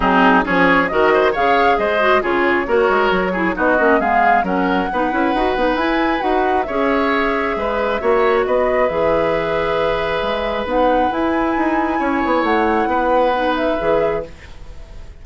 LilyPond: <<
  \new Staff \with { instrumentName = "flute" } { \time 4/4 \tempo 4 = 135 gis'4 cis''4 dis''4 f''4 | dis''4 cis''2. | dis''4 f''4 fis''2~ | fis''4 gis''4 fis''4 e''4~ |
e''2. dis''4 | e''1 | fis''4 gis''2. | fis''2~ fis''8 e''4. | }
  \new Staff \with { instrumentName = "oboe" } { \time 4/4 dis'4 gis'4 ais'8 c''8 cis''4 | c''4 gis'4 ais'4. gis'8 | fis'4 gis'4 ais'4 b'4~ | b'2. cis''4~ |
cis''4 b'4 cis''4 b'4~ | b'1~ | b'2. cis''4~ | cis''4 b'2. | }
  \new Staff \with { instrumentName = "clarinet" } { \time 4/4 c'4 cis'4 fis'4 gis'4~ | gis'8 fis'8 f'4 fis'4. e'8 | dis'8 cis'8 b4 cis'4 dis'8 e'8 | fis'8 dis'8 e'4 fis'4 gis'4~ |
gis'2 fis'2 | gis'1 | dis'4 e'2.~ | e'2 dis'4 gis'4 | }
  \new Staff \with { instrumentName = "bassoon" } { \time 4/4 fis4 f4 dis4 cis4 | gis4 cis4 ais8 gis8 fis4 | b8 ais8 gis4 fis4 b8 cis'8 | dis'8 b8 e'4 dis'4 cis'4~ |
cis'4 gis4 ais4 b4 | e2. gis4 | b4 e'4 dis'4 cis'8 b8 | a4 b2 e4 | }
>>